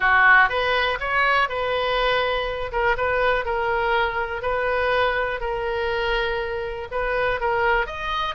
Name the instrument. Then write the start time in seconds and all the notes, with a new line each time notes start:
oboe
0.00 F#4
0.49 B4
0.99 C#5
1.48 B4
2.72 A#4
2.97 B4
3.45 A#4
4.42 B4
5.40 A#4
6.91 B4
7.40 A#4
7.86 D#5